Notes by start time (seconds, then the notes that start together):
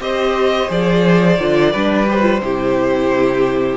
0.00 C4 G4 C5 D#5
0.68 F3 G#4 D5
1.39 D3 F4
1.72 G3 D4 B4
2.07 G4 C5
2.21 F4
2.41 C3 E4 G4